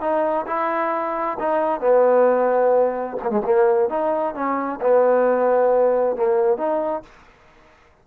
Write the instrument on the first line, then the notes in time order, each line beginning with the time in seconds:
trombone
0.00 D#4
0.46 E4
1.39 D#4
1.80 B3
3.23 A#3
3.30 G#3
3.44 A#3
3.89 D#4
4.34 C#4
4.81 B3
6.16 A#3
6.57 D#4